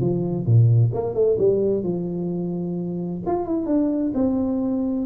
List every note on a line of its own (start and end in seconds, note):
0.00 0.45 F3
0.45 0.91 A#2
0.93 1.14 A#3
1.14 1.37 A3
1.38 1.83 G3
1.83 3.21 F3
3.26 3.46 F4
3.46 3.66 E4
3.66 4.12 D4
4.14 5.06 C4